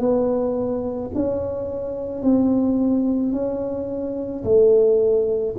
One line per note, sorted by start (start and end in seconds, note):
0.00 1.11 B3
1.15 2.23 C#4
2.23 3.33 C4
3.33 4.44 C#4
4.44 5.56 A3